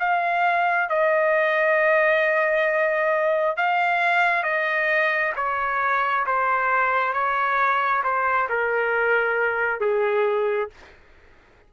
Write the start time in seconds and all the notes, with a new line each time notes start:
0.00 F5
0.90 D#5
3.57 F5
4.44 D#5
5.36 C#5
6.27 C5
7.14 C#5
8.04 C5
8.50 A#4
9.81 G#4